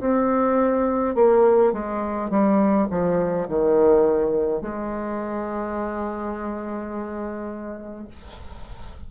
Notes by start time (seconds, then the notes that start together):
0.00 C4
1.15 A#3
1.73 G#3
2.30 G3
2.90 F3
3.48 D#3
4.62 G#3